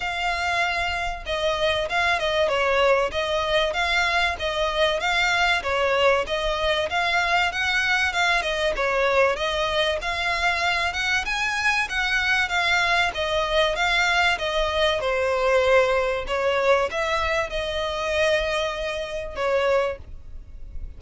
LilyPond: \new Staff \with { instrumentName = "violin" } { \time 4/4 \tempo 4 = 96 f''2 dis''4 f''8 dis''8 | cis''4 dis''4 f''4 dis''4 | f''4 cis''4 dis''4 f''4 | fis''4 f''8 dis''8 cis''4 dis''4 |
f''4. fis''8 gis''4 fis''4 | f''4 dis''4 f''4 dis''4 | c''2 cis''4 e''4 | dis''2. cis''4 | }